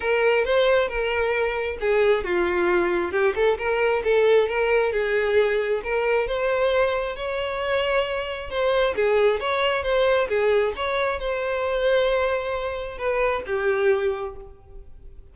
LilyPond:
\new Staff \with { instrumentName = "violin" } { \time 4/4 \tempo 4 = 134 ais'4 c''4 ais'2 | gis'4 f'2 g'8 a'8 | ais'4 a'4 ais'4 gis'4~ | gis'4 ais'4 c''2 |
cis''2. c''4 | gis'4 cis''4 c''4 gis'4 | cis''4 c''2.~ | c''4 b'4 g'2 | }